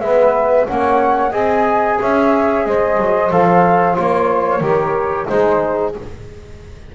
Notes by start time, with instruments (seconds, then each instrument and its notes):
0.00 double bass G#3, trombone B3, saxophone B4, flute E5
0.67 double bass A#3, trombone C#4, saxophone C#5, flute F#5
1.31 double bass C4, trombone G#4, saxophone D#5, flute G#5
2.00 double bass C#4, saxophone C#5, flute E5
2.66 double bass G#3, saxophone C5, flute D#5
2.98 double bass F#3
3.31 double bass F3, trombone A4, flute F5
3.95 double bass A#3, trombone F4, flute C#5
4.61 double bass D#3, trombone G4, saxophone A#4
5.28 double bass G#3, trombone D#4, saxophone G#4, flute C5